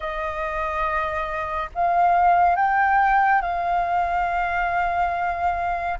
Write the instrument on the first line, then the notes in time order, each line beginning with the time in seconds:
flute
0.00 D#5
1.75 F5
2.56 G5
3.41 F5